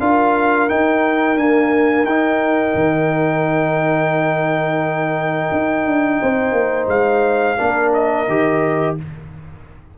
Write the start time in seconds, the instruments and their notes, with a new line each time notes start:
0.00 tuba D4, trombone F4, horn A#4, trumpet F5
0.69 trombone D#4, tuba D#4, trumpet G5
1.36 trombone A#3, tuba D4, trumpet G#5
2.04 tuba D#4, trombone D#4, trumpet G5
2.75 tuba D#3
5.52 tuba D#4
5.86 tuba D4
6.21 tuba C4, horn C5
6.52 tuba A#3
6.88 tuba G#3, trumpet F5
7.58 tuba A#3, trombone D4, horn A#4
7.93 trumpet D#5
8.28 tuba D#3, trombone G4